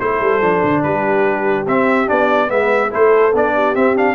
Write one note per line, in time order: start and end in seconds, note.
0.00 0.21 A3
0.00 0.41 E4
0.00 0.83 A4
0.00 0.83 C5
0.21 0.41 G3
0.41 0.62 F3
0.41 1.66 D4
0.63 0.84 D3
0.83 1.67 G3
0.83 2.50 G4
0.83 1.66 B4
1.67 2.09 C4
1.67 2.06 C4
1.67 2.09 E5
2.06 2.51 B3
2.06 2.48 D4
2.06 2.50 D5
2.48 2.92 G#3
2.48 2.89 B3
2.48 2.92 B4
2.48 2.92 E5
2.90 3.34 A3
2.90 3.32 E4
2.90 3.54 A4
2.90 3.36 C5
3.34 3.75 B3
3.34 3.75 D4
3.34 3.75 D5
3.54 4.15 G4
3.75 3.96 C4
3.75 4.15 C4
3.75 3.96 E5
3.96 4.15 D4
3.96 4.15 F5